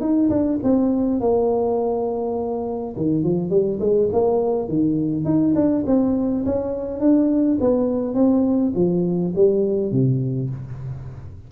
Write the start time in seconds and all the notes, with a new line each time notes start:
0.00 D#4
0.29 D4
0.63 C4
1.20 A#3
2.96 D#3
3.24 F3
3.50 G3
3.80 G#3
4.12 A#3
4.68 D#3
5.24 D#4
5.55 D4
5.86 C4
6.45 C#4
7.00 D4
7.60 B3
8.14 C4
8.75 F3
9.35 G3
9.91 C3